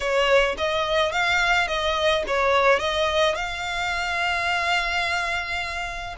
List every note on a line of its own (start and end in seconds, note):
0.00 0.55 C#5
0.57 1.11 D#5
1.11 1.67 F5
1.67 2.23 D#5
2.27 2.79 C#5
2.79 3.35 D#5
3.35 6.15 F5